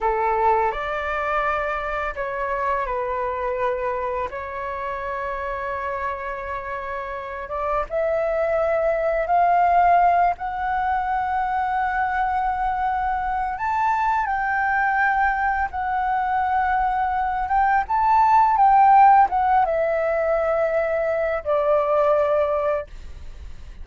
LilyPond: \new Staff \with { instrumentName = "flute" } { \time 4/4 \tempo 4 = 84 a'4 d''2 cis''4 | b'2 cis''2~ | cis''2~ cis''8 d''8 e''4~ | e''4 f''4. fis''4.~ |
fis''2. a''4 | g''2 fis''2~ | fis''8 g''8 a''4 g''4 fis''8 e''8~ | e''2 d''2 | }